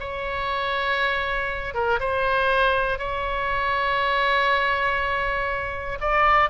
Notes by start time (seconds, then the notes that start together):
0.00 C#5
1.75 A#4
2.00 C5
2.99 C#5
6.01 D5